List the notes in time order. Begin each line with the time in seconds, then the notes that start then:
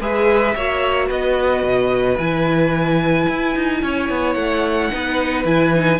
0.00 G#3 G#4 B4 E5
0.55 A#3 F#4 C#5
1.07 B3 B4 D#5
1.63 B2
2.18 E3 E4 G#5
3.29 E4
3.56 D#4
3.83 C#4 C#5
4.10 B3
4.34 A3 F#5
4.91 B3 D#4 B4
5.45 E3 E4 G#5
5.74 D#4